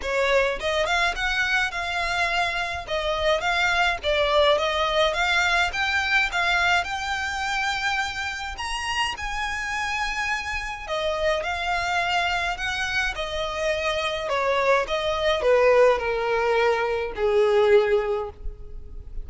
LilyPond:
\new Staff \with { instrumentName = "violin" } { \time 4/4 \tempo 4 = 105 cis''4 dis''8 f''8 fis''4 f''4~ | f''4 dis''4 f''4 d''4 | dis''4 f''4 g''4 f''4 | g''2. ais''4 |
gis''2. dis''4 | f''2 fis''4 dis''4~ | dis''4 cis''4 dis''4 b'4 | ais'2 gis'2 | }